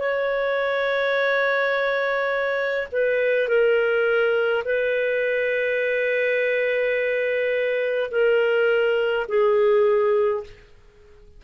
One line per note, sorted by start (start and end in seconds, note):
0.00 2.88 C#5
2.92 3.49 B4
3.49 4.64 A#4
4.65 8.11 B4
8.11 9.27 A#4
9.28 10.44 G#4